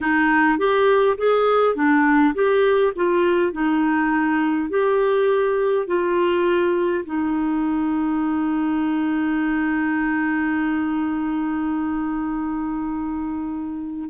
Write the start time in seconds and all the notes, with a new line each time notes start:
0.01 D#4
0.58 G4
1.17 G#4
1.75 D4
2.34 G4
2.95 F4
3.52 D#4
4.70 G4
5.87 F4
7.05 D#4